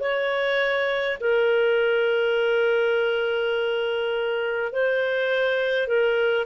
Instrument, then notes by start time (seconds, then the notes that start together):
clarinet
0.00 C#5
1.20 A#4
4.72 C5
5.87 A#4